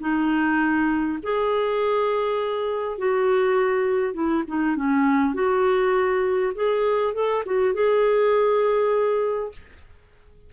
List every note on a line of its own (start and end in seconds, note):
0.00 1.19 D#4
1.23 2.98 G#4
2.98 4.14 F#4
4.14 4.44 E4
4.48 4.76 D#4
4.76 5.34 C#4
5.34 6.53 F#4
6.55 7.14 G#4
7.14 7.44 A4
7.46 7.74 F#4
7.74 9.52 G#4